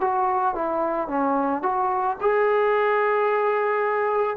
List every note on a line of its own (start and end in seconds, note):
0.00 0.55 F#4
0.55 1.08 E4
1.08 1.62 C#4
1.62 2.17 F#4
2.20 4.36 G#4